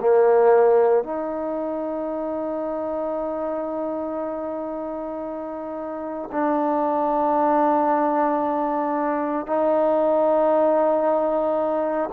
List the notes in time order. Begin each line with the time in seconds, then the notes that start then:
0.00 A#3
1.04 D#4
6.32 D4
9.46 D#4